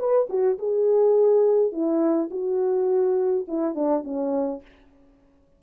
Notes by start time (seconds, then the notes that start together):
0.00 B4
0.30 F#4
0.59 G#4
1.73 E4
2.31 F#4
3.49 E4
3.76 D4
4.04 C#4